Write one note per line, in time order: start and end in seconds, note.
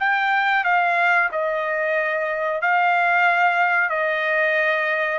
0.00 0.65 G5
0.65 1.30 F5
1.32 2.62 D#5
2.62 3.90 F5
3.90 5.19 D#5